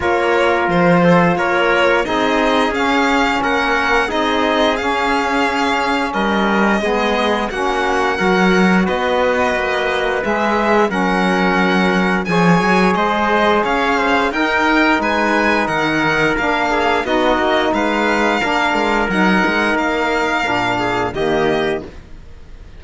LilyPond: <<
  \new Staff \with { instrumentName = "violin" } { \time 4/4 \tempo 4 = 88 cis''4 c''4 cis''4 dis''4 | f''4 fis''4 dis''4 f''4~ | f''4 dis''2 fis''4~ | fis''4 dis''2 e''4 |
fis''2 gis''4 dis''4 | f''4 g''4 gis''4 fis''4 | f''4 dis''4 f''2 | fis''4 f''2 dis''4 | }
  \new Staff \with { instrumentName = "trumpet" } { \time 4/4 ais'4. a'8 ais'4 gis'4~ | gis'4 ais'4 gis'2~ | gis'4 ais'4 gis'4 fis'4 | ais'4 b'2. |
ais'2 cis''4 c''4 | cis''8 c''8 ais'4 b'4 ais'4~ | ais'8 gis'8 fis'4 b'4 ais'4~ | ais'2~ ais'8 gis'8 g'4 | }
  \new Staff \with { instrumentName = "saxophone" } { \time 4/4 f'2. dis'4 | cis'2 dis'4 cis'4~ | cis'2 b4 cis'4 | fis'2. gis'4 |
cis'2 gis'2~ | gis'4 dis'2. | d'4 dis'2 d'4 | dis'2 d'4 ais4 | }
  \new Staff \with { instrumentName = "cello" } { \time 4/4 ais4 f4 ais4 c'4 | cis'4 ais4 c'4 cis'4~ | cis'4 g4 gis4 ais4 | fis4 b4 ais4 gis4 |
fis2 f8 fis8 gis4 | cis'4 dis'4 gis4 dis4 | ais4 b8 ais8 gis4 ais8 gis8 | fis8 gis8 ais4 ais,4 dis4 | }
>>